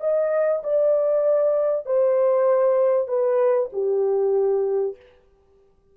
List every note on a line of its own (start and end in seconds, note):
0.00 0.62 D#5
0.63 1.86 D5
1.86 3.08 C5
3.08 3.69 B4
3.72 4.96 G4